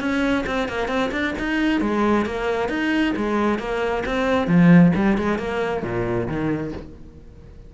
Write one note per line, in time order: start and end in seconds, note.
0.00 0.45 C#4
0.46 0.69 C4
0.69 0.88 A#3
0.88 1.10 C4
1.12 1.34 D4
1.39 1.81 D#4
1.81 2.26 G#3
2.26 2.69 A#3
2.69 3.14 D#4
3.16 3.59 G#3
3.59 4.03 A#3
4.06 4.47 C4
4.47 4.92 F3
4.95 5.18 G3
5.18 5.39 G#3
5.39 5.83 A#3
5.83 6.27 A#2
6.27 6.72 D#3